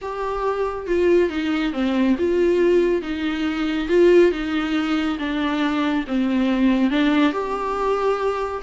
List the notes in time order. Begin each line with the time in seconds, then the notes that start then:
0.01 G4
0.86 F4
1.29 D#4
1.72 C4
2.18 F4
3.02 D#4
3.88 F4
4.31 D#4
5.18 D4
6.07 C4
6.90 D4
7.32 G4